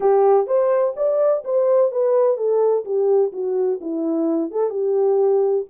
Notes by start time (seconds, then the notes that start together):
0.00 G4
0.47 C5
0.96 D5
1.44 C5
1.91 B4
2.37 A4
2.84 G4
3.32 F#4
3.81 E4
4.51 A4
4.70 G4